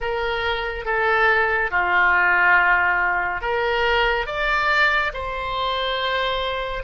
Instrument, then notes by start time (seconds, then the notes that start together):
oboe
0.00 A#4
0.85 A4
1.71 F4
3.41 A#4
4.26 D5
5.14 C5